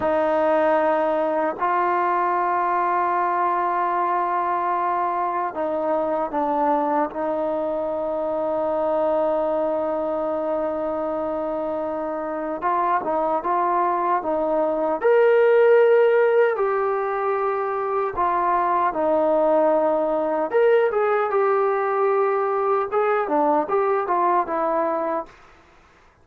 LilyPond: \new Staff \with { instrumentName = "trombone" } { \time 4/4 \tempo 4 = 76 dis'2 f'2~ | f'2. dis'4 | d'4 dis'2.~ | dis'1 |
f'8 dis'8 f'4 dis'4 ais'4~ | ais'4 g'2 f'4 | dis'2 ais'8 gis'8 g'4~ | g'4 gis'8 d'8 g'8 f'8 e'4 | }